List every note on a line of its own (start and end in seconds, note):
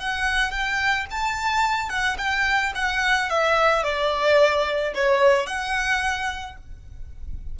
0.00 0.51 F#5
0.51 1.06 G5
1.11 1.90 A5
1.90 2.17 F#5
2.18 2.73 G5
2.75 3.30 F#5
3.30 3.84 E5
3.84 4.94 D5
4.95 5.47 C#5
5.47 6.57 F#5